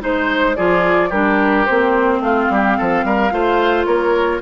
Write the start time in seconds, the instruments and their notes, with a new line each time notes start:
0.00 bassoon G#3, clarinet D#4, oboe C5, flute C5
0.56 bassoon F3, clarinet F4, oboe G#4, flute D5
1.09 bassoon G3, clarinet D4, oboe G4, flute A#4
1.66 bassoon A#3, clarinet C4, flute C5
2.19 bassoon A3, oboe F4, flute F5
2.50 bassoon G3, oboe G4
2.77 bassoon F3, oboe A4
3.04 bassoon G3, oboe A#4
3.31 bassoon A3, clarinet F4, oboe C5
3.85 bassoon A#3, oboe A#4, flute C#5